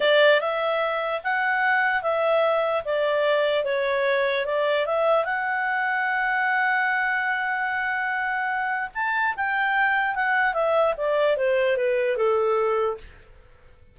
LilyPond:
\new Staff \with { instrumentName = "clarinet" } { \time 4/4 \tempo 4 = 148 d''4 e''2 fis''4~ | fis''4 e''2 d''4~ | d''4 cis''2 d''4 | e''4 fis''2.~ |
fis''1~ | fis''2 a''4 g''4~ | g''4 fis''4 e''4 d''4 | c''4 b'4 a'2 | }